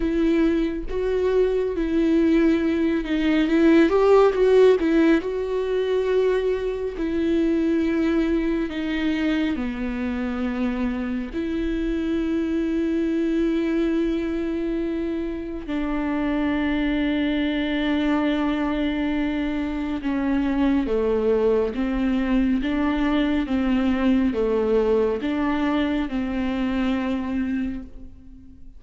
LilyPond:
\new Staff \with { instrumentName = "viola" } { \time 4/4 \tempo 4 = 69 e'4 fis'4 e'4. dis'8 | e'8 g'8 fis'8 e'8 fis'2 | e'2 dis'4 b4~ | b4 e'2.~ |
e'2 d'2~ | d'2. cis'4 | a4 c'4 d'4 c'4 | a4 d'4 c'2 | }